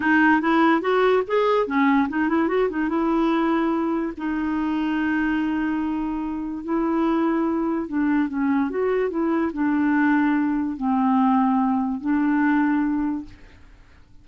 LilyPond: \new Staff \with { instrumentName = "clarinet" } { \time 4/4 \tempo 4 = 145 dis'4 e'4 fis'4 gis'4 | cis'4 dis'8 e'8 fis'8 dis'8 e'4~ | e'2 dis'2~ | dis'1 |
e'2. d'4 | cis'4 fis'4 e'4 d'4~ | d'2 c'2~ | c'4 d'2. | }